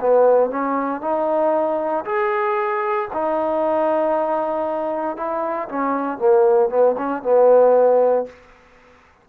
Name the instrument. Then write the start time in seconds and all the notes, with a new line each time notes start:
trombone
0.00 B3
0.50 C#4
1.01 D#4
2.05 G#4
3.13 D#4
5.16 E4
5.68 C#4
6.18 A#3
6.70 B3
6.97 C#4
7.23 B3